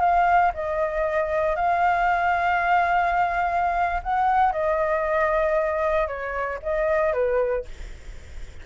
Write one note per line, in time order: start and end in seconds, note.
0.00 0.52 F5
0.54 1.56 D#5
1.56 4.02 F5
4.03 4.52 F#5
4.52 6.07 D#5
6.07 6.59 C#5
6.63 7.13 D#5
7.13 7.65 B4